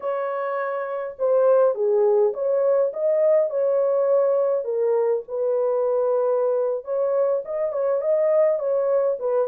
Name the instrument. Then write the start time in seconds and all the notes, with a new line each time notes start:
horn
0.00 C#5
1.18 C5
1.74 G#4
2.33 C#5
2.93 D#5
3.50 C#5
4.64 A#4
5.28 B4
6.84 C#5
7.44 D#5
7.72 C#5
8.01 D#5
8.59 C#5
9.19 B4